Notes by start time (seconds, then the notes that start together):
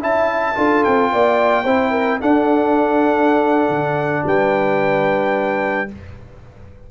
0.00 C#4 E4 E5 A5
0.55 D4 F4 A4
0.84 C4 G5
1.12 A#3 D5
1.64 C4 E4 C5
1.91 A#4
2.20 D4 A4 F#5
3.69 D3
4.26 G3 B4 G5